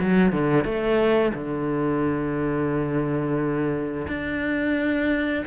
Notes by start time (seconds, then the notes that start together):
0.00 F#3
0.32 D3
0.64 A3
1.34 D3
4.08 D4